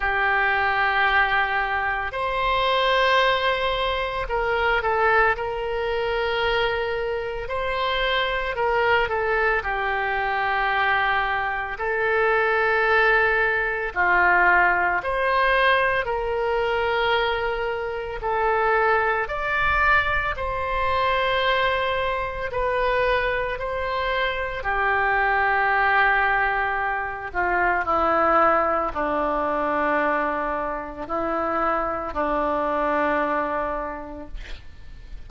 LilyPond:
\new Staff \with { instrumentName = "oboe" } { \time 4/4 \tempo 4 = 56 g'2 c''2 | ais'8 a'8 ais'2 c''4 | ais'8 a'8 g'2 a'4~ | a'4 f'4 c''4 ais'4~ |
ais'4 a'4 d''4 c''4~ | c''4 b'4 c''4 g'4~ | g'4. f'8 e'4 d'4~ | d'4 e'4 d'2 | }